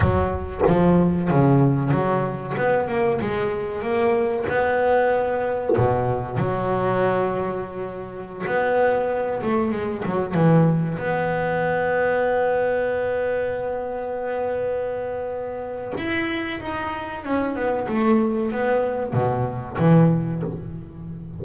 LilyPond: \new Staff \with { instrumentName = "double bass" } { \time 4/4 \tempo 4 = 94 fis4 f4 cis4 fis4 | b8 ais8 gis4 ais4 b4~ | b4 b,4 fis2~ | fis4~ fis16 b4. a8 gis8 fis16~ |
fis16 e4 b2~ b8.~ | b1~ | b4 e'4 dis'4 cis'8 b8 | a4 b4 b,4 e4 | }